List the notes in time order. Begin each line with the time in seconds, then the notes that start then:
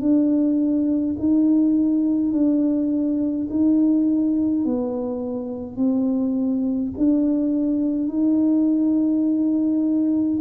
0.00 D4
1.19 D#4
2.32 D4
3.50 D#4
4.65 B3
5.76 C4
6.97 D4
8.08 D#4